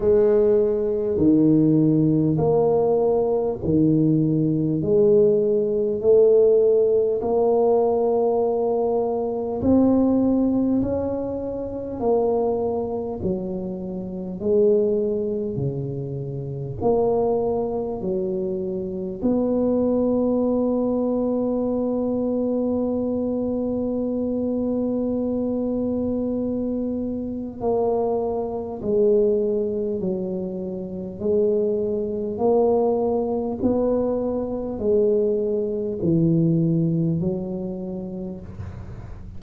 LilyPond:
\new Staff \with { instrumentName = "tuba" } { \time 4/4 \tempo 4 = 50 gis4 dis4 ais4 dis4 | gis4 a4 ais2 | c'4 cis'4 ais4 fis4 | gis4 cis4 ais4 fis4 |
b1~ | b2. ais4 | gis4 fis4 gis4 ais4 | b4 gis4 e4 fis4 | }